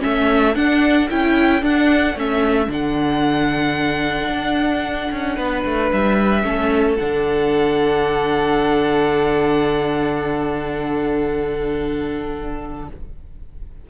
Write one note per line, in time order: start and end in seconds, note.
0.00 0.56 A3
0.00 0.54 C#4
0.00 5.36 A4
0.00 0.56 E5
0.55 1.09 D4
0.55 1.10 D4
0.55 1.09 F#5
1.10 1.63 C#4
1.10 1.62 E4
1.10 1.64 G5
1.62 2.16 D4
1.62 2.15 D4
1.62 2.19 F#5
2.15 2.69 A3
2.15 2.69 C#4
2.15 2.72 E5
2.69 4.29 D3
2.69 6.43 D4
2.69 5.92 F#5
4.29 5.10 D4
5.12 5.38 C#4
5.36 5.65 B3
5.36 6.44 B4
5.66 5.92 A3
5.92 6.44 G3
5.92 6.96 E5
6.43 6.98 A3
6.43 6.97 C#4
6.43 12.89 A4
6.96 12.90 D3
6.96 12.90 D4
6.96 12.85 F#5